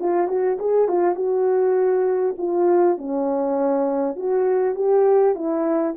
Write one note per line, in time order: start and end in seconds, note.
0.00 0.28 F4
0.28 0.58 F#4
0.59 0.89 G#4
0.89 1.16 F4
1.16 2.36 F#4
2.38 2.98 F4
2.98 4.16 C#4
4.16 4.75 F#4
4.75 5.35 G4
5.35 5.95 E4